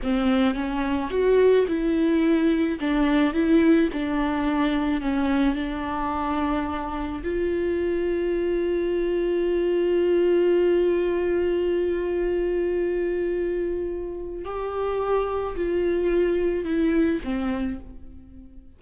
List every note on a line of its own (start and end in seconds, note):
0.03 0.54 C4
0.54 1.10 C#4
1.10 1.65 F#4
1.67 2.79 E4
2.80 3.33 D4
3.33 3.89 E4
3.92 5.01 D4
5.01 5.55 C#4
5.55 7.21 D4
7.23 14.44 F4
14.44 15.55 G4
15.56 16.64 F4
16.64 17.20 E4
17.24 17.79 C4